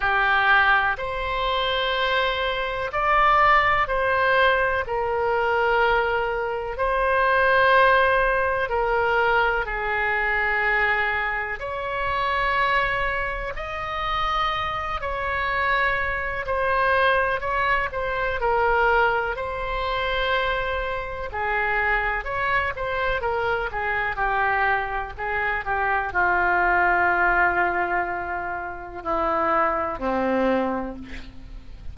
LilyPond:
\new Staff \with { instrumentName = "oboe" } { \time 4/4 \tempo 4 = 62 g'4 c''2 d''4 | c''4 ais'2 c''4~ | c''4 ais'4 gis'2 | cis''2 dis''4. cis''8~ |
cis''4 c''4 cis''8 c''8 ais'4 | c''2 gis'4 cis''8 c''8 | ais'8 gis'8 g'4 gis'8 g'8 f'4~ | f'2 e'4 c'4 | }